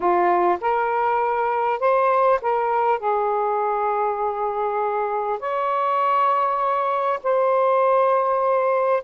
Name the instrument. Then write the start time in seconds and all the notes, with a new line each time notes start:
saxophone
0.00 F4
0.60 A#4
1.79 C5
2.41 A#4
2.99 G#4
5.39 C#5
7.23 C5